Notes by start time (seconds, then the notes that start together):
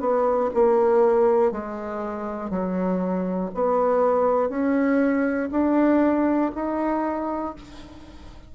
0.00 B3
0.54 A#3
1.52 G#3
2.50 F#3
3.54 B3
4.49 C#4
5.51 D4
6.55 D#4